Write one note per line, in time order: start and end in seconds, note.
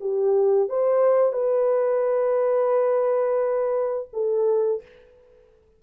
0.00 0.69 G4
0.69 1.32 C5
1.32 4.08 B4
4.13 4.82 A4